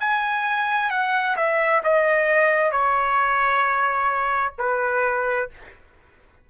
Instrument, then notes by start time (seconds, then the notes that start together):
trumpet
0.00 G#5
0.90 F#5
1.36 E5
1.84 D#5
2.71 C#5
4.59 B4